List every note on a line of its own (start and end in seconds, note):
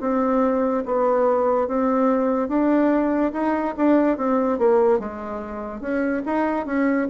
0.00 0.83 C4
0.85 1.67 B3
1.67 2.48 C4
2.48 3.31 D4
3.33 3.74 D#4
3.76 4.17 D4
4.17 4.58 C4
4.58 4.99 A#3
4.99 5.80 G#3
5.80 6.22 C#4
6.25 6.66 D#4
6.66 7.08 C#4